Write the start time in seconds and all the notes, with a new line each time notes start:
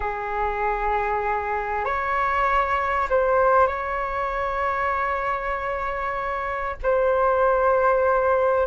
0.00 G#4
1.84 C#5
3.09 C5
3.67 C#5
6.82 C5